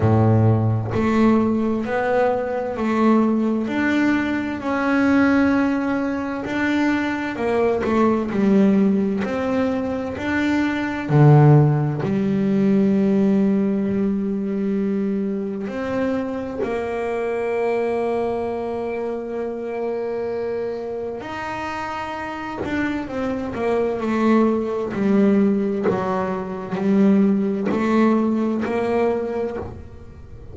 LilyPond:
\new Staff \with { instrumentName = "double bass" } { \time 4/4 \tempo 4 = 65 a,4 a4 b4 a4 | d'4 cis'2 d'4 | ais8 a8 g4 c'4 d'4 | d4 g2.~ |
g4 c'4 ais2~ | ais2. dis'4~ | dis'8 d'8 c'8 ais8 a4 g4 | fis4 g4 a4 ais4 | }